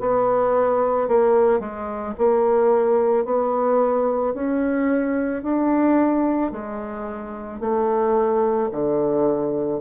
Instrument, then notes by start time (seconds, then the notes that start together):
bassoon
0.00 B3
1.08 A#3
1.60 G#3
2.18 A#3
3.25 B3
4.34 C#4
5.43 D4
6.52 G#3
7.60 A3
8.72 D3